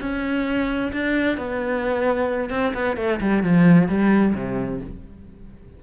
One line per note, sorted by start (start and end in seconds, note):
0.00 0.92 C#4
0.92 1.37 D4
1.37 2.50 B3
2.50 2.73 C4
2.74 2.96 B3
2.97 3.20 A3
3.20 3.43 G3
3.43 3.88 F3
3.88 4.34 G3
4.35 4.80 C3